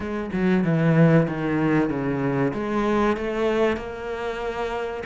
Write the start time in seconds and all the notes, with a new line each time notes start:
0.00 G#3
0.32 F#3
0.63 E3
1.27 D#3
1.89 C#3
2.53 G#3
3.16 A3
3.77 A#3